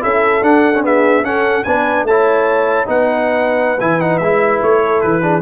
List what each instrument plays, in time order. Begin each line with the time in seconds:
0.00 tuba C#4, trombone E4, horn A4, trumpet E5
0.42 tuba D4, trombone D4, trumpet F#5
0.74 trombone C#4
0.83 trombone B3, horn G#4, trumpet E5
1.23 tuba C#4, trombone C#4, horn A4, trumpet F#5
1.64 tuba B3, trombone D4, horn B4, trumpet G#5
2.03 tuba A3, horn C#5, trumpet A5
2.10 trombone E4
2.86 tuba B3, trombone D#4, horn B4, trumpet F#5
3.80 tuba E3, trombone E4, trumpet G#5
4.00 trombone D#4, trumpet F#5
4.18 tuba G#3, trombone E4, trumpet E5
4.62 tuba A3, trumpet C#5
4.83 horn A4
5.01 tuba E3, trumpet B4
5.22 trombone D4, horn G#4